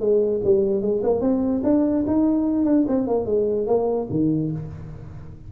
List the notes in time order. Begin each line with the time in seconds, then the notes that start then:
0.00 G#3
0.44 G3
0.82 G#3
1.03 A#3
1.21 C4
1.64 D4
2.07 D#4
2.65 D4
2.88 C4
3.07 A#3
3.26 G#3
3.67 A#3
4.10 D#3